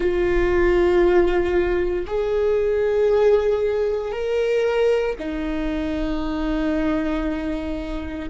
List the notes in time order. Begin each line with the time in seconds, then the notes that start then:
0.00 F4
2.06 G#4
4.11 A#4
5.19 D#4